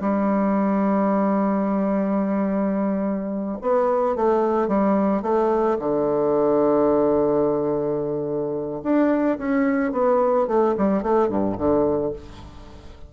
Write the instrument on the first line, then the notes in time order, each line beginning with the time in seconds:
bassoon
0.00 G3
3.61 B3
4.16 A3
4.68 G3
5.22 A3
5.79 D3
8.82 D4
9.38 C#4
9.92 B3
10.47 A3
10.77 G3
11.02 A3
11.28 G2
11.57 D3